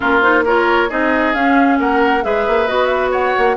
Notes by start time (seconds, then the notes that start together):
0.00 A#3 C#4 F4 A#4
0.21 D#4 C5
0.44 F4 A#4 C#5
0.89 C4 D#4 G#4 D#5
1.34 C#4 F5
1.79 A#3 A#4 F#5
2.22 G#3 G#4 B4 E5
2.47 A#3
2.67 B3 F#4 D#5
2.86 E5
3.11 C#5 F#5
3.38 A#3